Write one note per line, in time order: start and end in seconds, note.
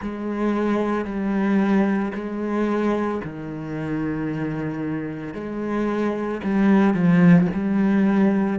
0.01 1.05 G#3
1.05 2.12 G3
2.14 3.21 G#3
3.24 5.34 D#3
5.34 6.41 G#3
6.43 6.94 G3
6.94 7.47 F3
7.53 8.59 G3